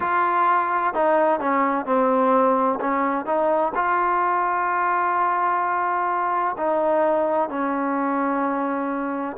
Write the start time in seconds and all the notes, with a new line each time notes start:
0.00 F4
0.94 D#4
1.40 C#4
1.85 C4
2.80 C#4
3.26 D#4
3.75 F4
6.57 D#4
7.49 C#4